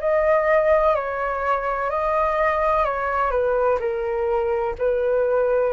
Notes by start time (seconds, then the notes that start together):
0.00 D#5
0.95 C#5
1.90 D#5
2.85 C#5
3.31 B4
3.80 A#4
4.78 B4